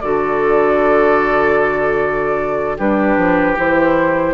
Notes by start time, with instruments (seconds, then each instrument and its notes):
0.00 bassoon D3, clarinet F#4, oboe A4, flute D5
2.77 bassoon G3, clarinet D4, oboe G4, flute B4
3.16 bassoon F3
3.57 bassoon E3, clarinet E4, flute C5